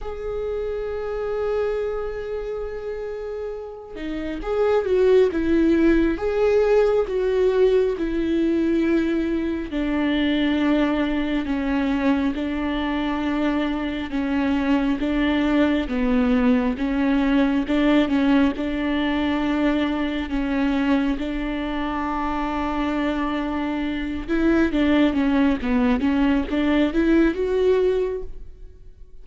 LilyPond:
\new Staff \with { instrumentName = "viola" } { \time 4/4 \tempo 4 = 68 gis'1~ | gis'8 dis'8 gis'8 fis'8 e'4 gis'4 | fis'4 e'2 d'4~ | d'4 cis'4 d'2 |
cis'4 d'4 b4 cis'4 | d'8 cis'8 d'2 cis'4 | d'2.~ d'8 e'8 | d'8 cis'8 b8 cis'8 d'8 e'8 fis'4 | }